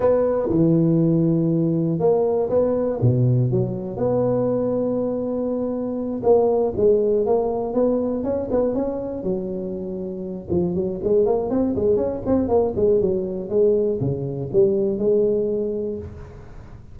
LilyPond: \new Staff \with { instrumentName = "tuba" } { \time 4/4 \tempo 4 = 120 b4 e2. | ais4 b4 b,4 fis4 | b1~ | b8 ais4 gis4 ais4 b8~ |
b8 cis'8 b8 cis'4 fis4.~ | fis4 f8 fis8 gis8 ais8 c'8 gis8 | cis'8 c'8 ais8 gis8 fis4 gis4 | cis4 g4 gis2 | }